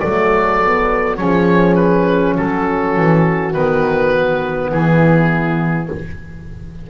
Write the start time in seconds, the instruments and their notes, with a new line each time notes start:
0.00 double bass F#3, saxophone A3, horn A4, oboe D5
0.63 saxophone B3
1.17 double bass F3, saxophone C#4, horn G#4, oboe C#5
1.75 oboe B4
2.36 double bass F#3, horn F#4, oboe A4
2.97 double bass E3
3.52 double bass D#3, saxophone B3, oboe B4
4.72 double bass E3, horn E4, oboe G#4